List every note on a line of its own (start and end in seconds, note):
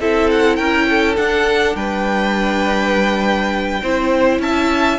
0.00 0.59 C4
0.00 1.17 E4
0.00 0.57 A4
0.00 0.31 E5
0.31 0.56 F#5
0.56 1.18 C#4
0.56 0.86 A#4
0.56 1.15 G5
0.90 1.76 A4
1.17 3.82 D4
1.17 1.76 D4
1.17 1.76 F#5
1.76 3.81 G3
1.76 3.82 B4
1.76 4.41 G5
3.83 4.39 C4
3.83 4.99 E4
3.83 4.42 C5
4.39 4.98 C#4
4.39 4.99 E5
4.39 4.99 A5